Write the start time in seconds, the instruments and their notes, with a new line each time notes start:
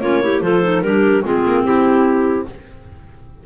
0.00 double bass A#3, clarinet C#4 F4 C#5
0.21 clarinet E4 G4
0.41 double bass F3, clarinet F4 A4 C5
0.62 clarinet D#4
0.81 double bass G3, clarinet D4 G4 A#4
1.22 double bass G#3, clarinet C4 F4 G#4
1.46 double bass A#3
1.64 double bass C4, clarinet E4 G4